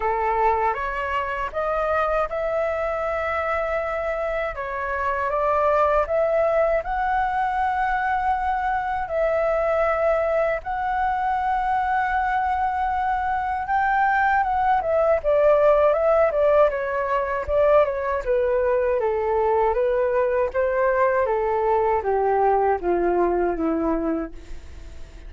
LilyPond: \new Staff \with { instrumentName = "flute" } { \time 4/4 \tempo 4 = 79 a'4 cis''4 dis''4 e''4~ | e''2 cis''4 d''4 | e''4 fis''2. | e''2 fis''2~ |
fis''2 g''4 fis''8 e''8 | d''4 e''8 d''8 cis''4 d''8 cis''8 | b'4 a'4 b'4 c''4 | a'4 g'4 f'4 e'4 | }